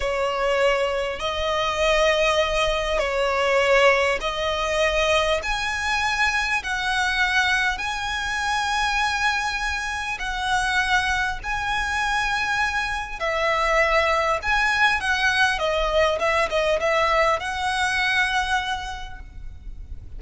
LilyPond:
\new Staff \with { instrumentName = "violin" } { \time 4/4 \tempo 4 = 100 cis''2 dis''2~ | dis''4 cis''2 dis''4~ | dis''4 gis''2 fis''4~ | fis''4 gis''2.~ |
gis''4 fis''2 gis''4~ | gis''2 e''2 | gis''4 fis''4 dis''4 e''8 dis''8 | e''4 fis''2. | }